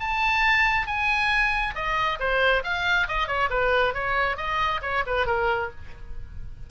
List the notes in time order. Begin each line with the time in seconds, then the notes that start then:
0.00 A5
0.87 G#5
1.75 D#5
2.20 C5
2.64 F5
3.08 D#5
3.27 C#5
3.50 B4
3.94 C#5
4.37 D#5
4.82 C#5
5.06 B4
5.27 A#4